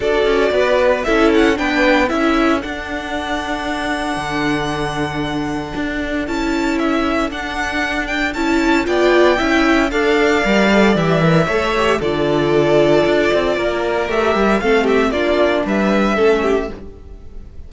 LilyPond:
<<
  \new Staff \with { instrumentName = "violin" } { \time 4/4 \tempo 4 = 115 d''2 e''8 fis''8 g''4 | e''4 fis''2.~ | fis''1 | a''4 e''4 fis''4. g''8 |
a''4 g''2 f''4~ | f''4 e''2 d''4~ | d''2. e''4 | f''8 e''8 d''4 e''2 | }
  \new Staff \with { instrumentName = "violin" } { \time 4/4 a'4 b'4 a'4 b'4 | a'1~ | a'1~ | a'1~ |
a'4 d''4 e''4 d''4~ | d''2 cis''4 a'4~ | a'2 ais'2 | a'8 g'8 f'4 b'4 a'8 g'8 | }
  \new Staff \with { instrumentName = "viola" } { \time 4/4 fis'2 e'4 d'4 | e'4 d'2.~ | d'1 | e'2 d'2 |
e'4 f'4 e'4 a'4 | ais'8 a'8 g'8 ais'8 a'8 g'8 f'4~ | f'2. g'4 | c'4 d'2 cis'4 | }
  \new Staff \with { instrumentName = "cello" } { \time 4/4 d'8 cis'8 b4 cis'4 b4 | cis'4 d'2. | d2. d'4 | cis'2 d'2 |
cis'4 b4 cis'4 d'4 | g4 e4 a4 d4~ | d4 d'8 c'8 ais4 a8 g8 | a4 ais4 g4 a4 | }
>>